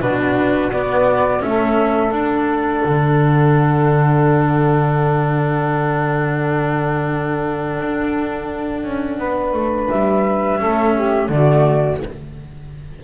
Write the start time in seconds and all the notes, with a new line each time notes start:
0.00 B2 D4 F#4 B4
0.71 B3 D5
1.40 A3 C#4 A4 E5
2.11 D4 F#5
2.85 D3
7.79 D4
8.84 C#4
9.18 B3 B4
9.52 A3
9.89 G3 E5
10.58 A3 C#4 A4
10.94 G4
11.28 D3 A3 F#4 D5